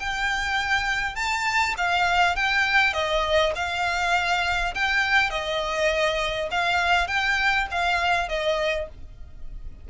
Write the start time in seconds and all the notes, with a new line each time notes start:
0.00 G5
1.16 A5
1.77 F5
2.36 G5
2.94 D#5
3.56 F5
4.75 G5
5.30 D#5
6.51 F5
7.08 G5
7.71 F5
8.29 D#5